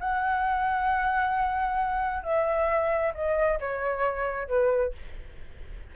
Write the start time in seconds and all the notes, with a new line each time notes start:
0.00 F#5
2.23 E5
3.14 D#5
3.59 C#5
4.47 B4